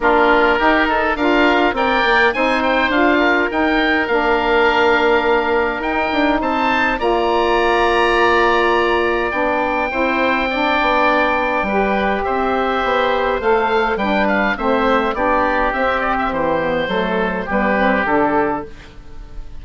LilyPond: <<
  \new Staff \with { instrumentName = "oboe" } { \time 4/4 \tempo 4 = 103 ais'2 f''4 g''4 | gis''8 g''8 f''4 g''4 f''4~ | f''2 g''4 a''4 | ais''1 |
g''1~ | g''4 e''2 f''4 | g''8 f''8 e''4 d''4 e''8 d''16 e''16 | c''2 b'4 a'4 | }
  \new Staff \with { instrumentName = "oboe" } { \time 4/4 f'4 g'8 a'8 ais'4 d''4 | c''4. ais'2~ ais'8~ | ais'2. c''4 | d''1~ |
d''4 c''4 d''2 | b'4 c''2. | b'4 c''4 g'2~ | g'4 a'4 g'2 | }
  \new Staff \with { instrumentName = "saxophone" } { \time 4/4 d'4 dis'4 f'4 ais'4 | dis'4 f'4 dis'4 d'4~ | d'2 dis'2 | f'1 |
d'4 e'4 d'2 | g'2. a'4 | d'4 c'4 d'4 c'4~ | c'8 b8 a4 b8 c'8 d'4 | }
  \new Staff \with { instrumentName = "bassoon" } { \time 4/4 ais4 dis'4 d'4 c'8 ais8 | c'4 d'4 dis'4 ais4~ | ais2 dis'8 d'8 c'4 | ais1 |
b4 c'4. b4. | g4 c'4 b4 a4 | g4 a4 b4 c'4 | e4 fis4 g4 d4 | }
>>